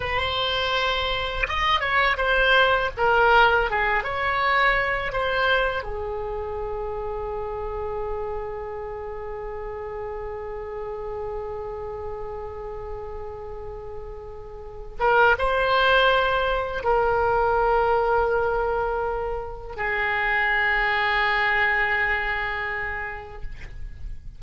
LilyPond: \new Staff \with { instrumentName = "oboe" } { \time 4/4 \tempo 4 = 82 c''2 dis''8 cis''8 c''4 | ais'4 gis'8 cis''4. c''4 | gis'1~ | gis'1~ |
gis'1~ | gis'8 ais'8 c''2 ais'4~ | ais'2. gis'4~ | gis'1 | }